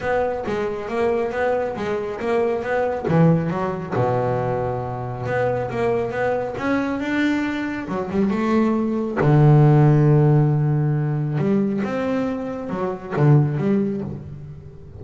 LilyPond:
\new Staff \with { instrumentName = "double bass" } { \time 4/4 \tempo 4 = 137 b4 gis4 ais4 b4 | gis4 ais4 b4 e4 | fis4 b,2. | b4 ais4 b4 cis'4 |
d'2 fis8 g8 a4~ | a4 d2.~ | d2 g4 c'4~ | c'4 fis4 d4 g4 | }